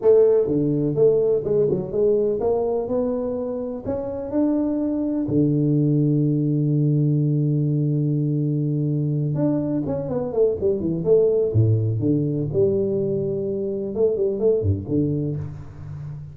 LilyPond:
\new Staff \with { instrumentName = "tuba" } { \time 4/4 \tempo 4 = 125 a4 d4 a4 gis8 fis8 | gis4 ais4 b2 | cis'4 d'2 d4~ | d1~ |
d2.~ d8 d'8~ | d'8 cis'8 b8 a8 g8 e8 a4 | a,4 d4 g2~ | g4 a8 g8 a8 g,8 d4 | }